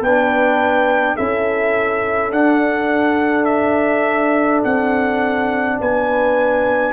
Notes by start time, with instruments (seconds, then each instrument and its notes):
0.00 tuba B3, trombone D4, horn B4, trumpet G5
1.16 tuba C#4, trombone E4, horn A4, trumpet E5
2.32 tuba D4, trombone D4, trumpet F#5
3.45 trumpet E5
4.64 tuba C4, trumpet F#5
5.80 tuba B3, horn B4, trumpet G#5